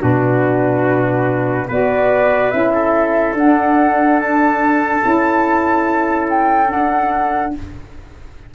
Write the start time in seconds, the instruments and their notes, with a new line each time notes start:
0.00 tuba B2, saxophone D4, trumpet F#4, flute B4
1.68 tuba B3, saxophone F#4, trumpet B4, flute D5
2.50 tuba C#4, saxophone E4, flute E5
2.74 trumpet A4
3.34 tuba D4, flute F#5
3.40 saxophone D4
4.19 flute A5
5.02 tuba C#4, saxophone E4
6.29 flute G5
6.66 saxophone D4, tuba D4, flute F#5